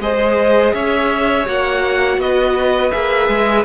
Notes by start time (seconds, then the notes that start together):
0.00 G#3 G#4 C5 D#5
0.74 C#4 C#5 E5
1.46 A#3 F#4 F#5
2.18 B3 B4 D#5
2.91 A#3 G#4 E5
3.29 G#3